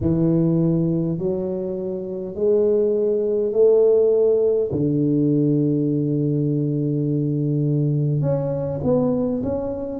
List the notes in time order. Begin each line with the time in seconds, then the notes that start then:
0.01 E3
1.18 F#3
2.35 G#3
3.52 A3
4.71 D3
8.21 C#4
8.83 B3
9.42 C#4